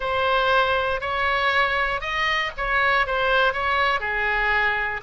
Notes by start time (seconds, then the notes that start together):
0.00 C5
1.00 C#5
2.00 D#5
2.57 C#5
3.06 C5
3.53 C#5
3.99 G#4